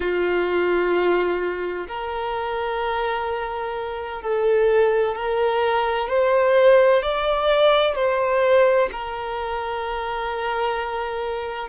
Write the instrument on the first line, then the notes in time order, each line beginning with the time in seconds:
violin
0.00 F4
1.87 A#4
4.22 A4
5.15 A#4
6.09 C5
7.02 D5
7.95 C5
8.91 A#4